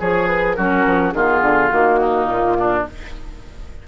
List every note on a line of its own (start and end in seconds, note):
0.00 0.58 F3
0.00 0.57 G#4
0.00 0.27 C#5
0.27 0.55 B4
0.55 0.86 F#3
0.55 1.14 C#4
0.55 1.14 F#4
0.55 1.12 A#4
0.86 1.14 F3
1.12 1.42 D#3
1.12 1.70 B3
1.12 2.00 F4
1.12 1.68 G#4
1.42 1.70 D3
1.68 2.27 D#3
1.68 2.85 A#3
1.68 2.26 F#4
2.00 2.57 D#4
2.26 2.84 A#2
2.26 2.83 F4
2.59 2.88 D4